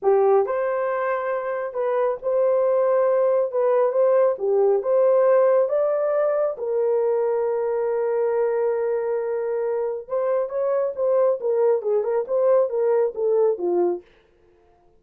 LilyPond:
\new Staff \with { instrumentName = "horn" } { \time 4/4 \tempo 4 = 137 g'4 c''2. | b'4 c''2. | b'4 c''4 g'4 c''4~ | c''4 d''2 ais'4~ |
ais'1~ | ais'2. c''4 | cis''4 c''4 ais'4 gis'8 ais'8 | c''4 ais'4 a'4 f'4 | }